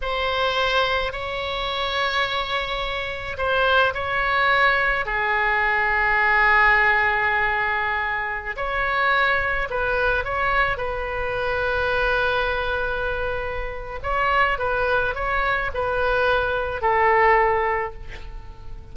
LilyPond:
\new Staff \with { instrumentName = "oboe" } { \time 4/4 \tempo 4 = 107 c''2 cis''2~ | cis''2 c''4 cis''4~ | cis''4 gis'2.~ | gis'2.~ gis'16 cis''8.~ |
cis''4~ cis''16 b'4 cis''4 b'8.~ | b'1~ | b'4 cis''4 b'4 cis''4 | b'2 a'2 | }